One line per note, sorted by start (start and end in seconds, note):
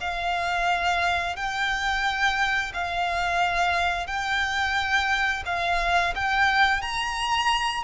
0.00 1.36 F5
1.36 2.72 G5
2.74 4.07 F5
4.07 5.43 G5
5.45 6.14 F5
6.15 6.81 G5
6.81 7.83 A#5